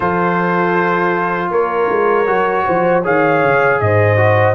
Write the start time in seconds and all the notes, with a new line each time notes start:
0.00 F3 F4 A4 C5
1.50 A#3 A#4 C#5
1.90 G#3
2.26 F#3 F#4
2.65 F3 C5
3.03 D#3 G#4 C#5 F5
3.43 C#3
3.80 G#2 C5 D#5
4.16 F#4